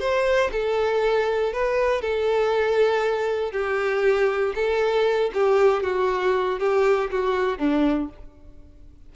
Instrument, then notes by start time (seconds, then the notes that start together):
violin
0.00 C5
0.52 A4
1.53 B4
2.02 A4
3.52 G4
4.55 A4
5.34 G4
5.83 F#4
6.59 G4
7.11 F#4
7.58 D4